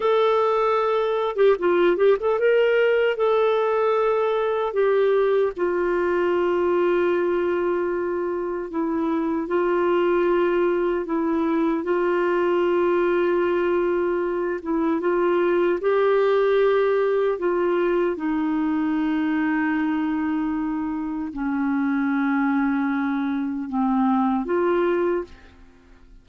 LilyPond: \new Staff \with { instrumentName = "clarinet" } { \time 4/4 \tempo 4 = 76 a'4.~ a'16 g'16 f'8 g'16 a'16 ais'4 | a'2 g'4 f'4~ | f'2. e'4 | f'2 e'4 f'4~ |
f'2~ f'8 e'8 f'4 | g'2 f'4 dis'4~ | dis'2. cis'4~ | cis'2 c'4 f'4 | }